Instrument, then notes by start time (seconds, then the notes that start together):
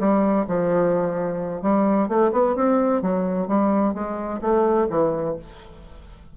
bassoon
0.00 G3
0.48 F3
1.63 G3
2.09 A3
2.33 B3
2.56 C4
3.03 F#3
3.48 G3
3.95 G#3
4.42 A3
4.90 E3